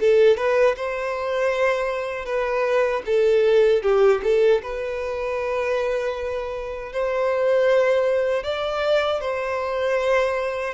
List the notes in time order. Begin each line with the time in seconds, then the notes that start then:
0.00 A4
0.37 B4
0.76 C5
2.25 B4
3.05 A4
3.83 G4
4.23 A4
4.62 B4
6.92 C5
8.43 D5
9.20 C5